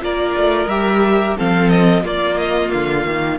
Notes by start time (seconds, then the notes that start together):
0.00 A#3 F4 A#4 D5
0.36 A3
0.66 G3 G4 E5
1.36 F3 C4 A4 F5
1.69 D#5
2.03 A#3 F4 D5
2.37 D#5
2.70 D3 F5
3.05 D#3